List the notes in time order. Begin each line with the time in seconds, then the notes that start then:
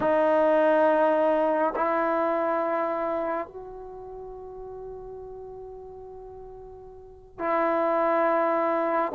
0.00 D#4
1.75 E4
3.47 F#4
7.38 E4